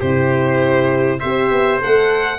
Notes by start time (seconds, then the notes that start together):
0.00 C3 E4 G4 C5
1.20 C4 G4 C5 E5
1.51 B3
1.81 A3 A4 F#5